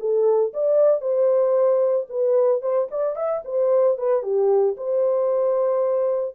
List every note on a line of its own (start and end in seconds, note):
0.00 0.53 A4
0.54 1.01 D5
1.01 2.07 C5
2.09 2.62 B4
2.62 2.88 C5
2.91 3.16 D5
3.16 3.42 E5
3.45 3.98 C5
3.98 4.23 B4
4.23 4.76 G4
4.77 6.35 C5